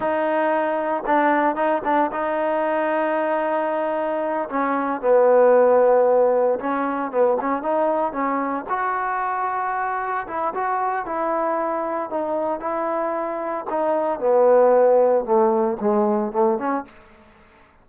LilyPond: \new Staff \with { instrumentName = "trombone" } { \time 4/4 \tempo 4 = 114 dis'2 d'4 dis'8 d'8 | dis'1~ | dis'8 cis'4 b2~ b8~ | b8 cis'4 b8 cis'8 dis'4 cis'8~ |
cis'8 fis'2. e'8 | fis'4 e'2 dis'4 | e'2 dis'4 b4~ | b4 a4 gis4 a8 cis'8 | }